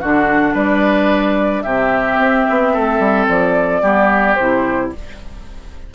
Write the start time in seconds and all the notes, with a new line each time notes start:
0.00 D3 D4 F#4 F#5
0.54 G3 B4 D5
1.62 C3 C4 G4 E5
2.18 C4
2.50 B3
2.73 A3 A4
2.99 G3
3.29 F3 D5
3.82 G3 B3 G4
4.35 C3 E4 C5